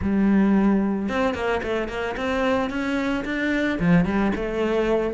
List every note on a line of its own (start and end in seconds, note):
0.01 1.09 G3
1.09 1.34 C4
1.34 1.61 A#3
1.62 1.88 A3
1.88 2.15 A#3
2.16 2.70 C4
2.70 3.24 C#4
3.24 3.78 D4
3.79 4.05 F3
4.05 4.32 G3
4.35 5.13 A3